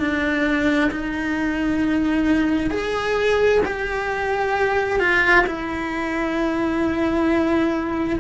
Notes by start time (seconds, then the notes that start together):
0.00 D4
0.91 D#4
2.71 G#4
3.65 G4
5.00 F4
5.47 E4